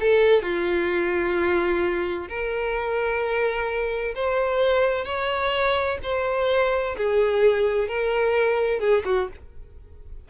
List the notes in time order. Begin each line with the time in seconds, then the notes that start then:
0.00 A4
0.42 F4
2.28 A#4
4.15 C5
5.05 C#5
6.03 C5
6.97 G#4
7.88 A#4
8.79 G#4
9.05 F#4